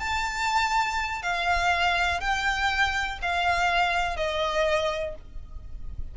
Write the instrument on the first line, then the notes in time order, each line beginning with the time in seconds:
violin
0.00 A5
1.23 F5
2.21 G5
3.23 F5
4.17 D#5